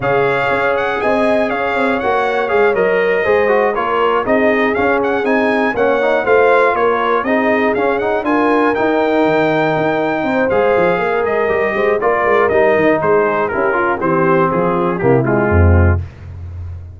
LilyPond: <<
  \new Staff \with { instrumentName = "trumpet" } { \time 4/4 \tempo 4 = 120 f''4. fis''8 gis''4 f''4 | fis''4 f''8 dis''2 cis''8~ | cis''8 dis''4 f''8 fis''8 gis''4 fis''8~ | fis''8 f''4 cis''4 dis''4 f''8 |
fis''8 gis''4 g''2~ g''8~ | g''4 f''4. dis''4. | d''4 dis''4 c''4 ais'4 | c''4 gis'4 g'8 f'4. | }
  \new Staff \with { instrumentName = "horn" } { \time 4/4 cis''2 dis''4 cis''4~ | cis''2~ cis''8 c''4 ais'8~ | ais'8 gis'2. cis''8~ | cis''8 c''4 ais'4 gis'4.~ |
gis'8 ais'2.~ ais'8~ | ais'8 c''4. ais'4. c''8 | ais'2 gis'4 g'8 f'8 | g'4 f'4 e'4 c'4 | }
  \new Staff \with { instrumentName = "trombone" } { \time 4/4 gis'1 | fis'4 gis'8 ais'4 gis'8 fis'8 f'8~ | f'8 dis'4 cis'4 dis'4 cis'8 | dis'8 f'2 dis'4 cis'8 |
dis'8 f'4 dis'2~ dis'8~ | dis'4 gis'2 g'4 | f'4 dis'2 e'8 f'8 | c'2 ais8 gis4. | }
  \new Staff \with { instrumentName = "tuba" } { \time 4/4 cis4 cis'4 c'4 cis'8 c'8 | ais4 gis8 fis4 gis4 ais8~ | ais8 c'4 cis'4 c'4 ais8~ | ais8 a4 ais4 c'4 cis'8~ |
cis'8 d'4 dis'4 dis4 dis'8~ | dis'8 c'8 gis8 f8 ais8 gis8 g8 gis8 | ais8 gis8 g8 dis8 gis4 cis'4 | e4 f4 c4 f,4 | }
>>